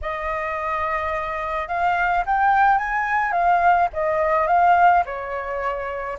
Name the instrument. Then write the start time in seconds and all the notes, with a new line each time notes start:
flute
0.01 D#5
1.67 F5
2.26 G5
2.78 G#5
3.32 F5
3.93 D#5
4.47 F5
5.05 C#5